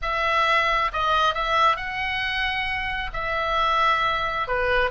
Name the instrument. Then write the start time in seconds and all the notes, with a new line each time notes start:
oboe
0.02 E5
0.92 D#5
1.34 E5
1.76 F#5
3.13 E5
4.47 B4